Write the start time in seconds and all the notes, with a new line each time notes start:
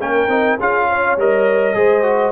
0.00 A#3 C#4 A#4 G5
0.28 C4 D#4
0.58 C#4 F4 G#4 F5
0.89 C#5
1.17 G3 A#4 D#5
1.74 G#3 G#4 C5
2.03 F#4